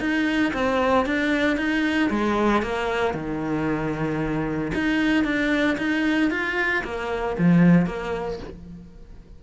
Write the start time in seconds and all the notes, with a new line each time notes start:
0.00 D#4
0.54 C4
1.06 D4
1.57 D#4
2.10 G#3
2.62 A#3
3.14 D#3
4.74 D#4
5.24 D4
5.78 D#4
6.31 F4
6.84 A#3
7.38 F3
7.87 A#3